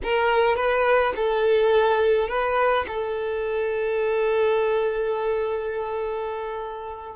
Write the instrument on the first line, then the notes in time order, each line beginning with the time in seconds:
violin
0.03 A#4
0.56 B4
1.16 A4
2.28 B4
2.87 A4